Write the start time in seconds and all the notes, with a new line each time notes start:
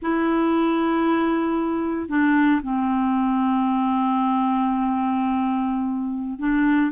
0.02 E4
2.08 D4
2.62 C4
6.39 D4